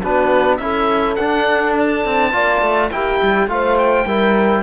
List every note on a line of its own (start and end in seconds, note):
0.00 0.59 B3
0.00 0.60 D4
0.00 0.58 F#4
0.00 0.56 B4
0.56 1.17 C#4
0.56 1.18 E4
0.56 2.33 A4
0.56 1.14 E5
1.15 2.05 D4
1.15 2.32 D4
1.15 1.73 F#5
1.79 2.91 A5
2.05 2.34 C4
2.32 2.61 A#3
2.32 2.90 F4
2.32 2.91 D5
2.61 2.90 A3
2.91 3.20 A#3
2.91 3.49 E4
2.91 3.51 G4
2.91 3.49 G5
3.22 3.47 G3
3.47 4.05 A3
3.47 4.06 F4
3.47 4.07 C5
3.47 3.78 F5
3.78 4.62 G5
4.05 4.62 G3
4.05 4.62 E4
4.05 4.62 A#4